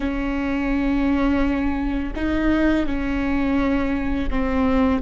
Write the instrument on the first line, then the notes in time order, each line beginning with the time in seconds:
viola
0.00 C#4
2.15 D#4
2.86 C#4
4.30 C4